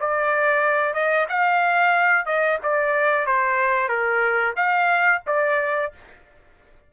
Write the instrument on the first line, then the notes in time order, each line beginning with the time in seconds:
trumpet
0.00 D5
0.94 D#5
1.29 F5
2.26 D#5
2.63 D5
3.26 C5
3.89 A#4
4.56 F5
5.27 D5